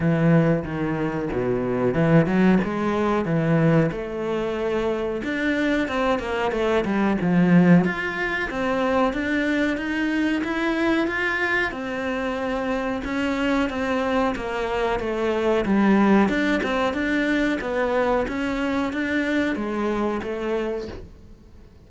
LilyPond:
\new Staff \with { instrumentName = "cello" } { \time 4/4 \tempo 4 = 92 e4 dis4 b,4 e8 fis8 | gis4 e4 a2 | d'4 c'8 ais8 a8 g8 f4 | f'4 c'4 d'4 dis'4 |
e'4 f'4 c'2 | cis'4 c'4 ais4 a4 | g4 d'8 c'8 d'4 b4 | cis'4 d'4 gis4 a4 | }